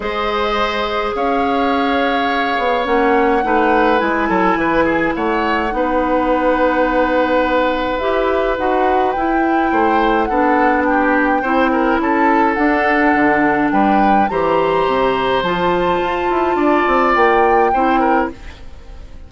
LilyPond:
<<
  \new Staff \with { instrumentName = "flute" } { \time 4/4 \tempo 4 = 105 dis''2 f''2~ | f''4 fis''2 gis''4~ | gis''4 fis''2.~ | fis''2 e''4 fis''4 |
g''2 fis''4 g''4~ | g''4 a''4 fis''2 | g''4 ais''2 a''4~ | a''2 g''2 | }
  \new Staff \with { instrumentName = "oboe" } { \time 4/4 c''2 cis''2~ | cis''2 b'4. a'8 | b'8 gis'8 cis''4 b'2~ | b'1~ |
b'4 c''4 a'4 g'4 | c''8 ais'8 a'2. | b'4 c''2.~ | c''4 d''2 c''8 ais'8 | }
  \new Staff \with { instrumentName = "clarinet" } { \time 4/4 gis'1~ | gis'4 cis'4 dis'4 e'4~ | e'2 dis'2~ | dis'2 g'4 fis'4 |
e'2 d'2 | e'2 d'2~ | d'4 g'2 f'4~ | f'2. e'4 | }
  \new Staff \with { instrumentName = "bassoon" } { \time 4/4 gis2 cis'2~ | cis'8 b8 ais4 a4 gis8 fis8 | e4 a4 b2~ | b2 e'4 dis'4 |
e'4 a4 b2 | c'4 cis'4 d'4 d4 | g4 e4 c4 f4 | f'8 e'8 d'8 c'8 ais4 c'4 | }
>>